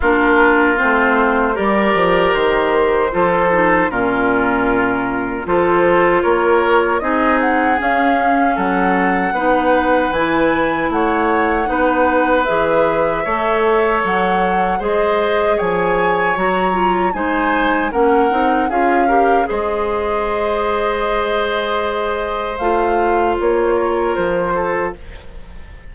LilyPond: <<
  \new Staff \with { instrumentName = "flute" } { \time 4/4 \tempo 4 = 77 ais'4 c''4 d''4 c''4~ | c''4 ais'2 c''4 | cis''4 dis''8 fis''8 f''4 fis''4~ | fis''4 gis''4 fis''2 |
e''2 fis''4 dis''4 | gis''4 ais''4 gis''4 fis''4 | f''4 dis''2.~ | dis''4 f''4 cis''4 c''4 | }
  \new Staff \with { instrumentName = "oboe" } { \time 4/4 f'2 ais'2 | a'4 f'2 a'4 | ais'4 gis'2 a'4 | b'2 cis''4 b'4~ |
b'4 cis''2 c''4 | cis''2 c''4 ais'4 | gis'8 ais'8 c''2.~ | c''2~ c''8 ais'4 a'8 | }
  \new Staff \with { instrumentName = "clarinet" } { \time 4/4 d'4 c'4 g'2 | f'8 dis'8 cis'2 f'4~ | f'4 dis'4 cis'2 | dis'4 e'2 dis'4 |
gis'4 a'2 gis'4~ | gis'4 fis'8 f'8 dis'4 cis'8 dis'8 | f'8 g'8 gis'2.~ | gis'4 f'2. | }
  \new Staff \with { instrumentName = "bassoon" } { \time 4/4 ais4 a4 g8 f8 dis4 | f4 ais,2 f4 | ais4 c'4 cis'4 fis4 | b4 e4 a4 b4 |
e4 a4 fis4 gis4 | f4 fis4 gis4 ais8 c'8 | cis'4 gis2.~ | gis4 a4 ais4 f4 | }
>>